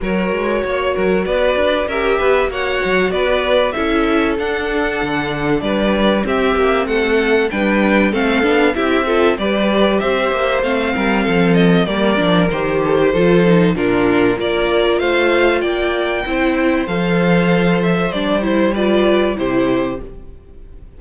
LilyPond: <<
  \new Staff \with { instrumentName = "violin" } { \time 4/4 \tempo 4 = 96 cis''2 d''4 e''4 | fis''4 d''4 e''4 fis''4~ | fis''4 d''4 e''4 fis''4 | g''4 f''4 e''4 d''4 |
e''4 f''4. dis''8 d''4 | c''2 ais'4 d''4 | f''4 g''2 f''4~ | f''8 e''8 d''8 c''8 d''4 c''4 | }
  \new Staff \with { instrumentName = "violin" } { \time 4/4 ais'4 cis''8 ais'8 b'4 ais'8 b'8 | cis''4 b'4 a'2~ | a'4 b'4 g'4 a'4 | b'4 a'4 g'8 a'8 b'4 |
c''4. ais'8 a'4 ais'4~ | ais'8 a'16 g'16 a'4 f'4 ais'4 | c''4 d''4 c''2~ | c''2 b'4 g'4 | }
  \new Staff \with { instrumentName = "viola" } { \time 4/4 fis'2. g'4 | fis'2 e'4 d'4~ | d'2 c'2 | d'4 c'8 d'8 e'8 f'8 g'4~ |
g'4 c'2 ais8 d'8 | g'4 f'8 dis'8 d'4 f'4~ | f'2 e'4 a'4~ | a'4 d'8 e'8 f'4 e'4 | }
  \new Staff \with { instrumentName = "cello" } { \time 4/4 fis8 gis8 ais8 fis8 b8 d'8 cis'8 b8 | ais8 fis8 b4 cis'4 d'4 | d4 g4 c'8 ais8 a4 | g4 a8 b8 c'4 g4 |
c'8 ais8 a8 g8 f4 g8 f8 | dis4 f4 ais,4 ais4 | a4 ais4 c'4 f4~ | f4 g2 c4 | }
>>